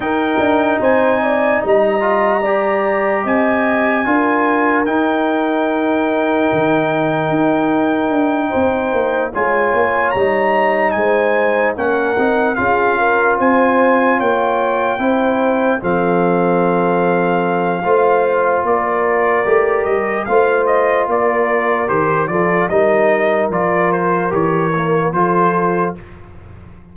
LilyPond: <<
  \new Staff \with { instrumentName = "trumpet" } { \time 4/4 \tempo 4 = 74 g''4 gis''4 ais''2 | gis''2 g''2~ | g''2.~ g''8 gis''8~ | gis''8 ais''4 gis''4 fis''4 f''8~ |
f''8 gis''4 g''2 f''8~ | f''2. d''4~ | d''8 dis''8 f''8 dis''8 d''4 c''8 d''8 | dis''4 d''8 c''8 cis''4 c''4 | }
  \new Staff \with { instrumentName = "horn" } { \time 4/4 ais'4 c''8 d''8 dis''4 d''4 | dis''4 ais'2.~ | ais'2~ ais'8 c''4 cis''8~ | cis''4. c''4 ais'4 gis'8 |
ais'8 c''4 cis''4 c''4 a'8~ | a'2 c''4 ais'4~ | ais'4 c''4 ais'4. a'8 | ais'2. a'4 | }
  \new Staff \with { instrumentName = "trombone" } { \time 4/4 dis'2~ dis'8 f'8 g'4~ | g'4 f'4 dis'2~ | dis'2.~ dis'8 f'8~ | f'8 dis'2 cis'8 dis'8 f'8~ |
f'2~ f'8 e'4 c'8~ | c'2 f'2 | g'4 f'2 g'8 f'8 | dis'4 f'4 g'8 ais8 f'4 | }
  \new Staff \with { instrumentName = "tuba" } { \time 4/4 dis'8 d'8 c'4 g2 | c'4 d'4 dis'2 | dis4 dis'4 d'8 c'8 ais8 gis8 | ais8 g4 gis4 ais8 c'8 cis'8~ |
cis'8 c'4 ais4 c'4 f8~ | f2 a4 ais4 | a8 g8 a4 ais4 dis8 f8 | g4 f4 e4 f4 | }
>>